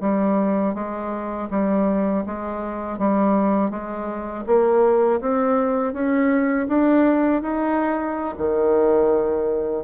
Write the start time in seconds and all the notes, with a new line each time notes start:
0.00 G3
0.74 G#3
1.50 G3
2.26 G#3
2.98 G3
3.70 G#3
4.46 A#3
5.21 C4
5.93 C#4
6.68 D4
7.42 D#4
8.38 D#3